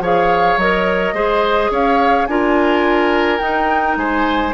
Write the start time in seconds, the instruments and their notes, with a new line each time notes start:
0.00 bassoon F3, clarinet G#4, oboe C#5, flute F5
0.57 bassoon F#3, clarinet A#4, flute D#5
1.13 bassoon G#3, clarinet G#4, oboe C5
1.70 bassoon C#4, oboe C#5, flute F5
2.27 bassoon D4, clarinet F4, oboe A#4, flute G#5
3.39 clarinet D#4, bassoon D#4, flute G5
3.96 bassoon G#3, oboe C5, flute G#5